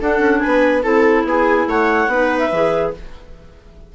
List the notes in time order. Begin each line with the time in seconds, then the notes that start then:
0.00 D4 A4 F#5
0.18 C#4
0.39 B4 G#5
0.46 B3
0.82 C4 E4 A4 A5
1.24 B3 G#4 G#5
1.67 A3 C#5 F#5
2.07 B3 D#4 B4
2.38 E5
2.51 E3 G#4